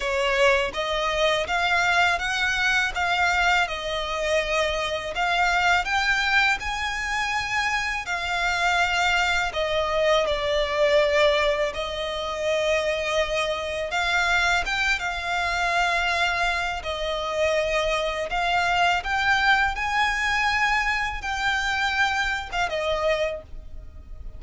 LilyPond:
\new Staff \with { instrumentName = "violin" } { \time 4/4 \tempo 4 = 82 cis''4 dis''4 f''4 fis''4 | f''4 dis''2 f''4 | g''4 gis''2 f''4~ | f''4 dis''4 d''2 |
dis''2. f''4 | g''8 f''2~ f''8 dis''4~ | dis''4 f''4 g''4 gis''4~ | gis''4 g''4.~ g''16 f''16 dis''4 | }